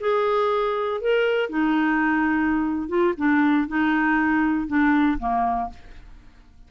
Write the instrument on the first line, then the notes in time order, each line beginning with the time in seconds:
clarinet
0.00 G#4
1.01 A#4
1.50 D#4
2.88 F4
3.17 D4
3.67 D#4
4.67 D4
5.19 A#3